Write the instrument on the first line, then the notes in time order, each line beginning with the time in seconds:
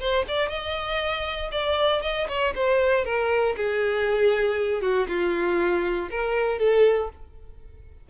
violin
0.00 C5
0.28 D5
0.49 D#5
1.52 D5
2.02 D#5
2.29 C#5
2.55 C5
3.05 A#4
3.57 G#4
4.82 F#4
5.08 F4
6.10 A#4
6.59 A4